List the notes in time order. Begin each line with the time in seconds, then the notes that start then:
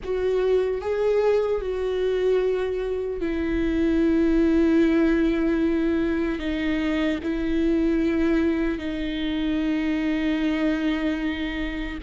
0.03 F#4
0.81 G#4
1.61 F#4
3.20 E4
6.39 D#4
7.23 E4
8.78 D#4